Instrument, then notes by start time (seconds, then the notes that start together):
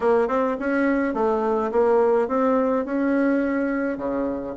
bassoon
0.00 A#3
0.28 C4
0.59 C#4
1.14 A3
1.71 A#3
2.28 C4
2.85 C#4
3.97 C#3